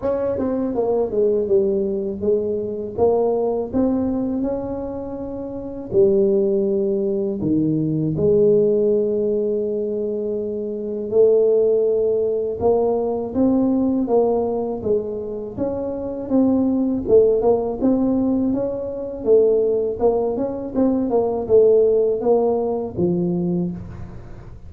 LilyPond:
\new Staff \with { instrumentName = "tuba" } { \time 4/4 \tempo 4 = 81 cis'8 c'8 ais8 gis8 g4 gis4 | ais4 c'4 cis'2 | g2 dis4 gis4~ | gis2. a4~ |
a4 ais4 c'4 ais4 | gis4 cis'4 c'4 a8 ais8 | c'4 cis'4 a4 ais8 cis'8 | c'8 ais8 a4 ais4 f4 | }